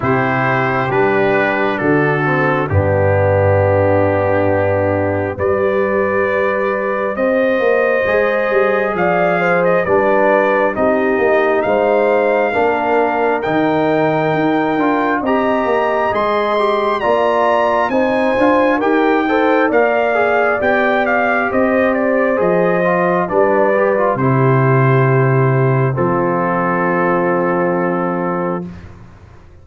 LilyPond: <<
  \new Staff \with { instrumentName = "trumpet" } { \time 4/4 \tempo 4 = 67 c''4 b'4 a'4 g'4~ | g'2 d''2 | dis''2 f''8. dis''16 d''4 | dis''4 f''2 g''4~ |
g''4 ais''4 c'''4 ais''4 | gis''4 g''4 f''4 g''8 f''8 | dis''8 d''8 dis''4 d''4 c''4~ | c''4 a'2. | }
  \new Staff \with { instrumentName = "horn" } { \time 4/4 g'2 fis'4 d'4~ | d'2 b'2 | c''2 d''8 c''8 b'4 | g'4 c''4 ais'2~ |
ais'4 dis''2 d''4 | c''4 ais'8 c''8 d''2 | c''2 b'4 g'4~ | g'4 f'2. | }
  \new Staff \with { instrumentName = "trombone" } { \time 4/4 e'4 d'4. c'8 b4~ | b2 g'2~ | g'4 gis'2 d'4 | dis'2 d'4 dis'4~ |
dis'8 f'8 g'4 gis'8 g'8 f'4 | dis'8 f'8 g'8 a'8 ais'8 gis'8 g'4~ | g'4 gis'8 f'8 d'8 g'16 f'16 e'4~ | e'4 c'2. | }
  \new Staff \with { instrumentName = "tuba" } { \time 4/4 c4 g4 d4 g,4~ | g,2 g2 | c'8 ais8 gis8 g8 f4 g4 | c'8 ais8 gis4 ais4 dis4 |
dis'8 d'8 c'8 ais8 gis4 ais4 | c'8 d'8 dis'4 ais4 b4 | c'4 f4 g4 c4~ | c4 f2. | }
>>